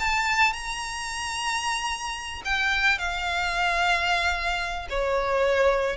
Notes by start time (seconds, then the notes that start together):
0.00 A5
0.53 A#5
2.45 G5
2.99 F5
4.90 C#5